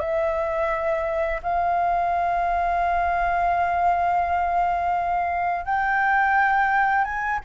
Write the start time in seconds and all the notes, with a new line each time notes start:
0.00 E5
1.43 F5
5.66 G5
7.05 G#5